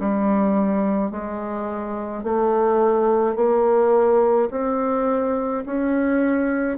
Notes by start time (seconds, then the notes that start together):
0.00 G3
1.11 G#3
2.23 A3
3.36 A#3
4.51 C4
5.66 C#4